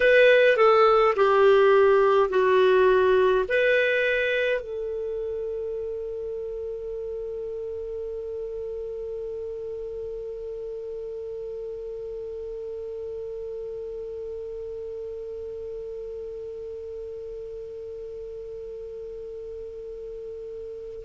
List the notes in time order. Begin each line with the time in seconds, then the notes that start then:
0.00 B4
0.56 A4
1.15 G4
2.29 F#4
3.48 B4
4.60 A4